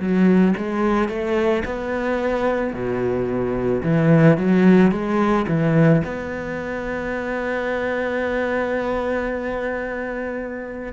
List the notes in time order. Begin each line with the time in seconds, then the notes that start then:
0.00 F#3
0.58 G#3
1.09 A3
1.65 B3
2.73 B2
3.83 E3
4.38 F#3
4.91 G#3
5.48 E3
6.04 B3